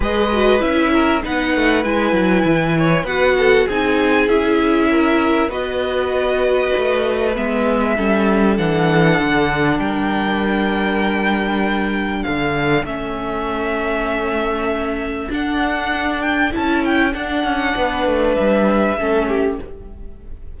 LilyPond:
<<
  \new Staff \with { instrumentName = "violin" } { \time 4/4 \tempo 4 = 98 dis''4 e''4 fis''4 gis''4~ | gis''4 fis''4 gis''4 e''4~ | e''4 dis''2. | e''2 fis''2 |
g''1 | f''4 e''2.~ | e''4 fis''4. g''8 a''8 g''8 | fis''2 e''2 | }
  \new Staff \with { instrumentName = "violin" } { \time 4/4 b'4. ais'8 b'2~ | b'8 cis''8 b'8 a'8 gis'2 | ais'4 b'2.~ | b'4 a'2. |
ais'1 | a'1~ | a'1~ | a'4 b'2 a'8 g'8 | }
  \new Staff \with { instrumentName = "viola" } { \time 4/4 gis'8 fis'8 e'4 dis'4 e'4~ | e'4 fis'4 dis'4 e'4~ | e'4 fis'2. | b4 cis'4 d'2~ |
d'1~ | d'4 cis'2.~ | cis'4 d'2 e'4 | d'2. cis'4 | }
  \new Staff \with { instrumentName = "cello" } { \time 4/4 gis4 cis'4 b8 a8 gis8 fis8 | e4 b4 c'4 cis'4~ | cis'4 b2 a4 | gis4 g4 e4 d4 |
g1 | d4 a2.~ | a4 d'2 cis'4 | d'8 cis'8 b8 a8 g4 a4 | }
>>